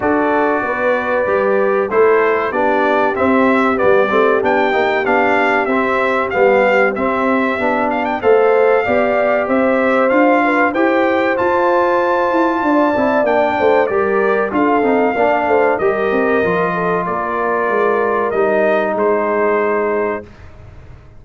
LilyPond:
<<
  \new Staff \with { instrumentName = "trumpet" } { \time 4/4 \tempo 4 = 95 d''2. c''4 | d''4 e''4 d''4 g''4 | f''4 e''4 f''4 e''4~ | e''8 f''16 g''16 f''2 e''4 |
f''4 g''4 a''2~ | a''4 g''4 d''4 f''4~ | f''4 dis''2 d''4~ | d''4 dis''4 c''2 | }
  \new Staff \with { instrumentName = "horn" } { \time 4/4 a'4 b'2 a'4 | g'1~ | g'1~ | g'4 c''4 d''4 c''4~ |
c''8 b'8 c''2. | d''4. c''8 ais'4 a'4 | d''8 c''8 ais'4. a'8 ais'4~ | ais'2 gis'2 | }
  \new Staff \with { instrumentName = "trombone" } { \time 4/4 fis'2 g'4 e'4 | d'4 c'4 b8 c'8 d'8 dis'8 | d'4 c'4 b4 c'4 | d'4 a'4 g'2 |
f'4 g'4 f'2~ | f'8 e'8 d'4 g'4 f'8 dis'8 | d'4 g'4 f'2~ | f'4 dis'2. | }
  \new Staff \with { instrumentName = "tuba" } { \time 4/4 d'4 b4 g4 a4 | b4 c'4 g8 a8 b8 ais8 | b4 c'4 g4 c'4 | b4 a4 b4 c'4 |
d'4 e'4 f'4. e'8 | d'8 c'8 ais8 a8 g4 d'8 c'8 | ais8 a8 g8 c'8 f4 ais4 | gis4 g4 gis2 | }
>>